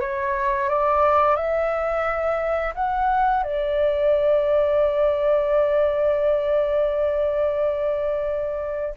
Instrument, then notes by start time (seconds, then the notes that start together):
flute
0.00 C#5
0.69 D5
1.35 E5
2.74 F#5
3.43 D5